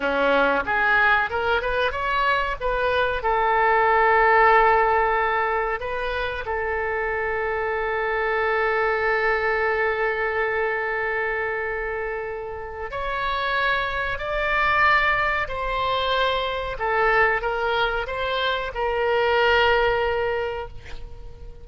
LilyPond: \new Staff \with { instrumentName = "oboe" } { \time 4/4 \tempo 4 = 93 cis'4 gis'4 ais'8 b'8 cis''4 | b'4 a'2.~ | a'4 b'4 a'2~ | a'1~ |
a'1 | cis''2 d''2 | c''2 a'4 ais'4 | c''4 ais'2. | }